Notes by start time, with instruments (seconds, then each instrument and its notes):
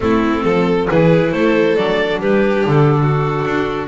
0.00 double bass A3, viola C4, violin E4, clarinet A4
0.43 double bass F3, violin A4
0.88 double bass E3, viola E4, violin G#4, clarinet B4
1.32 double bass A3, violin A4, clarinet C5
1.76 double bass F#3, viola D4, clarinet D5
2.20 double bass G3, violin G4, clarinet B4
2.65 double bass D3, clarinet A4
3.01 violin F#4
3.45 double bass D4